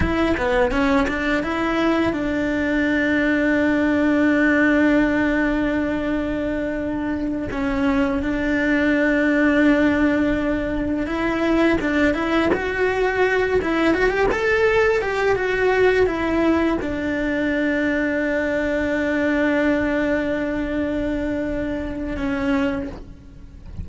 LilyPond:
\new Staff \with { instrumentName = "cello" } { \time 4/4 \tempo 4 = 84 e'8 b8 cis'8 d'8 e'4 d'4~ | d'1~ | d'2~ d'8 cis'4 d'8~ | d'2.~ d'8 e'8~ |
e'8 d'8 e'8 fis'4. e'8 fis'16 g'16 | a'4 g'8 fis'4 e'4 d'8~ | d'1~ | d'2. cis'4 | }